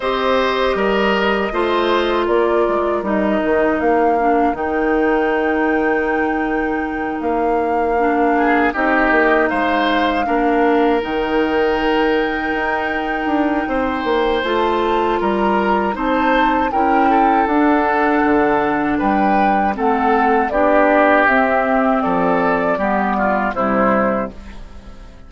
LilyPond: <<
  \new Staff \with { instrumentName = "flute" } { \time 4/4 \tempo 4 = 79 dis''2. d''4 | dis''4 f''4 g''2~ | g''4. f''2 dis''8~ | dis''8 f''2 g''4.~ |
g''2. a''4 | ais''4 a''4 g''4 fis''4~ | fis''4 g''4 fis''4 d''4 | e''4 d''2 c''4 | }
  \new Staff \with { instrumentName = "oboe" } { \time 4/4 c''4 ais'4 c''4 ais'4~ | ais'1~ | ais'2. gis'8 g'8~ | g'8 c''4 ais'2~ ais'8~ |
ais'2 c''2 | ais'4 c''4 ais'8 a'4.~ | a'4 b'4 a'4 g'4~ | g'4 a'4 g'8 f'8 e'4 | }
  \new Staff \with { instrumentName = "clarinet" } { \time 4/4 g'2 f'2 | dis'4. d'8 dis'2~ | dis'2~ dis'8 d'4 dis'8~ | dis'4. d'4 dis'4.~ |
dis'2. f'4~ | f'4 dis'4 e'4 d'4~ | d'2 c'4 d'4 | c'2 b4 g4 | }
  \new Staff \with { instrumentName = "bassoon" } { \time 4/4 c'4 g4 a4 ais8 gis8 | g8 dis8 ais4 dis2~ | dis4. ais2 c'8 | ais8 gis4 ais4 dis4.~ |
dis8 dis'4 d'8 c'8 ais8 a4 | g4 c'4 cis'4 d'4 | d4 g4 a4 b4 | c'4 f4 g4 c4 | }
>>